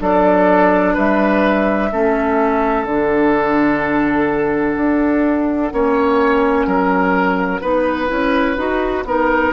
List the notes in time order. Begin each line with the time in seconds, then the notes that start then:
0.00 F#3 D4 A4 D5
0.94 G3 B4 E5
1.92 A3 C#4 A4
2.85 D3 D4 F#5
4.77 D4
5.72 A#3 C#4 C#5
6.67 F#3 A#4
7.62 B3 D#4 B4
8.08 C#4 E4
8.58 D#4 F#4
9.05 B3 D#4 A#4